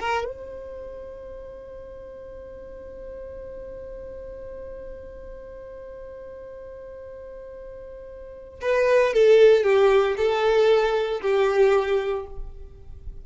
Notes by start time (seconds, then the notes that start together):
0.00 A#4
0.25 C5
8.62 B4
9.14 A4
9.64 G4
10.17 A4
11.22 G4